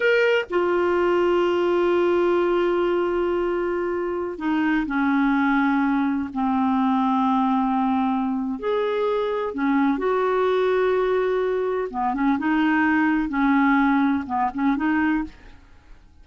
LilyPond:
\new Staff \with { instrumentName = "clarinet" } { \time 4/4 \tempo 4 = 126 ais'4 f'2.~ | f'1~ | f'4~ f'16 dis'4 cis'4.~ cis'16~ | cis'4~ cis'16 c'2~ c'8.~ |
c'2 gis'2 | cis'4 fis'2.~ | fis'4 b8 cis'8 dis'2 | cis'2 b8 cis'8 dis'4 | }